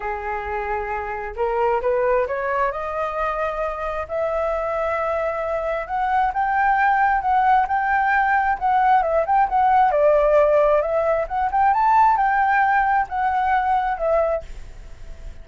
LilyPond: \new Staff \with { instrumentName = "flute" } { \time 4/4 \tempo 4 = 133 gis'2. ais'4 | b'4 cis''4 dis''2~ | dis''4 e''2.~ | e''4 fis''4 g''2 |
fis''4 g''2 fis''4 | e''8 g''8 fis''4 d''2 | e''4 fis''8 g''8 a''4 g''4~ | g''4 fis''2 e''4 | }